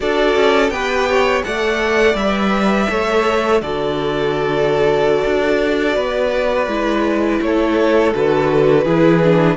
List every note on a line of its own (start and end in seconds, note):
0.00 0.36 D4
0.00 0.70 F#4
0.00 0.72 A4
0.00 0.70 D5
0.36 0.69 C#4
0.69 1.42 B3
0.69 1.42 G4
0.69 1.08 B4
0.69 1.42 G5
1.09 1.45 C#5
1.42 2.14 A3
1.42 2.15 A4
1.42 2.90 D5
1.42 2.16 F#5
2.14 2.86 G3
2.14 2.89 B4
2.14 3.60 E5
2.89 3.61 A3
2.89 3.62 A4
2.89 3.61 C#5
3.61 5.24 D3
3.61 6.68 F#4
3.61 5.96 A4
3.61 7.41 D5
5.25 5.95 D4
5.95 6.67 B3
5.95 7.40 B4
6.67 7.39 G#3
6.67 8.12 E4
7.41 8.13 A3
7.41 8.84 A4
7.41 8.13 C#5
8.13 8.85 D3
8.13 8.85 F#4
8.13 9.56 B4
8.84 9.56 E3
8.84 9.22 E4
8.84 9.56 G#4
9.23 9.56 D4